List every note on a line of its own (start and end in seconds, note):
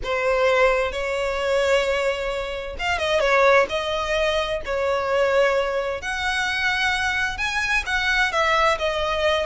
0.03 0.91 C5
0.91 2.76 C#5
2.78 2.98 F5
2.98 3.20 D#5
3.20 3.66 C#5
3.69 4.61 D#5
4.65 6.01 C#5
6.01 7.37 F#5
7.37 7.83 G#5
7.85 8.32 F#5
8.32 8.78 E5
8.78 9.46 D#5